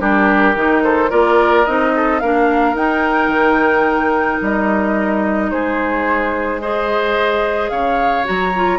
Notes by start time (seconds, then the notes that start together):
0.00 G3 D4 G4 A#4
0.56 D#3 D#4
0.84 A4 C5
1.10 A#3 F4 A#4 D5
1.65 C4 D#4 D#5
1.95 A4
2.20 A#3 D4 A#4 F5
2.74 D#4 G5
3.28 D#3
4.42 G3 D#5
5.51 G#3 G#4 C5
6.61 G#4 C5 D#5
7.70 C#3 C#5 F5
8.25 F#3 F#4 A#5
8.55 F4